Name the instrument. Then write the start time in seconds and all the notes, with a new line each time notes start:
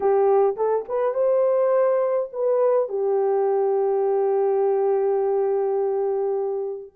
horn
0.00 G4
0.56 A4
0.88 B4
1.14 C5
2.32 B4
2.88 G4